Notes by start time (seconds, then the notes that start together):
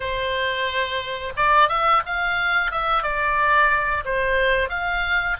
0.00 C5
1.36 D5
1.68 E5
2.06 F5
2.71 E5
3.02 D5
4.04 C5
4.69 F5